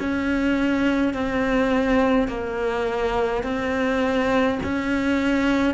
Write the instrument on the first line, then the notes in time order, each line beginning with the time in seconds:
cello
0.00 C#4
1.14 C4
2.28 A#3
3.44 C4
4.64 C#4